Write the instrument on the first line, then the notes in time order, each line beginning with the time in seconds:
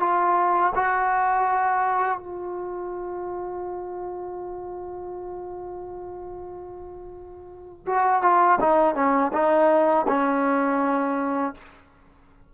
trombone
0.00 F4
0.75 F#4
2.19 F4
7.86 F#4
8.22 F4
8.60 D#4
8.95 C#4
9.33 D#4
10.08 C#4